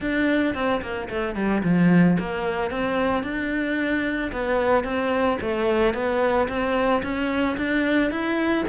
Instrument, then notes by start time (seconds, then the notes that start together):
cello
0.00 D4
0.54 C4
0.81 A#3
1.09 A3
1.35 G3
1.63 F3
2.19 A#3
2.70 C4
3.23 D4
4.31 B3
4.84 C4
5.41 A3
5.94 B3
6.48 C4
7.02 C#4
7.57 D4
8.10 E4